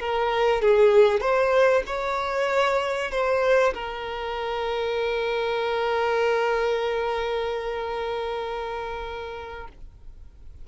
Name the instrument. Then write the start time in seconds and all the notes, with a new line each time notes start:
violin
0.00 A#4
0.62 G#4
1.20 C5
1.87 C#5
3.11 C5
3.74 A#4